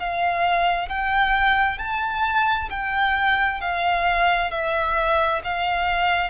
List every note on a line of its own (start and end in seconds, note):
0.00 0.89 F5
0.89 1.79 G5
1.79 2.69 A5
2.71 3.61 G5
3.61 4.51 F5
4.51 5.42 E5
5.44 6.31 F5